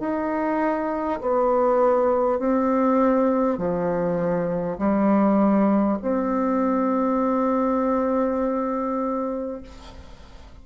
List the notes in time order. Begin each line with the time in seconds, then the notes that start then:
0.00 D#4
1.22 B3
2.39 C4
3.58 F3
4.78 G3
6.02 C4